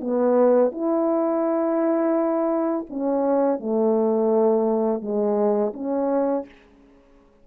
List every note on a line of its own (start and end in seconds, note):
0.00 0.71 B3
0.71 2.86 E4
2.89 3.59 C#4
3.59 5.01 A3
5.01 5.72 G#3
5.73 6.45 C#4